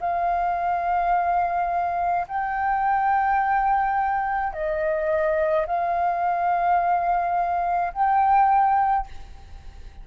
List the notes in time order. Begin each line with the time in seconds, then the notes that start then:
0.00 F5
2.27 G5
4.53 D#5
5.66 F5
7.93 G5